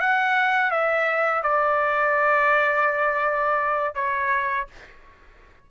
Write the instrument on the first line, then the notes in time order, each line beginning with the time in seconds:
trumpet
0.00 F#5
0.71 E5
1.43 D5
3.95 C#5